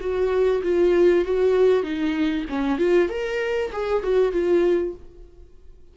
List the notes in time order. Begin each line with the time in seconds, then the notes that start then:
0.00 F#4
0.63 F4
1.25 F#4
1.83 D#4
2.49 C#4
2.78 F4
3.09 A#4
3.72 G#4
4.03 F#4
4.32 F4